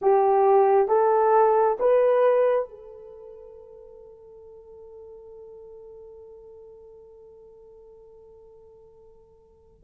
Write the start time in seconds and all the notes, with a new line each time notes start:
0.01 G4
0.88 A4
1.79 B4
2.68 A4